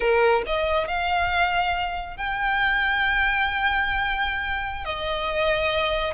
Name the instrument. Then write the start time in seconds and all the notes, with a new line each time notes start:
violin
0.00 A#4
0.46 D#5
0.87 F5
2.16 G5
4.84 D#5